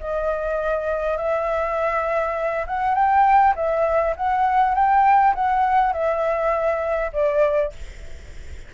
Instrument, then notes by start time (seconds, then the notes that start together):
flute
0.00 D#5
1.17 E5
2.67 F#5
2.95 G5
3.56 E5
4.17 F#5
4.75 G5
5.35 F#5
5.93 E5
7.13 D5